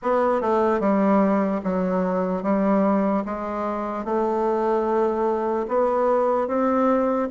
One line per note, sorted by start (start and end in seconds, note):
0.02 0.41 B3
0.41 0.80 A3
0.80 1.61 G3
1.63 2.43 F#3
2.43 3.24 G3
3.25 4.04 G#3
4.04 5.66 A3
5.68 6.47 B3
6.47 7.28 C4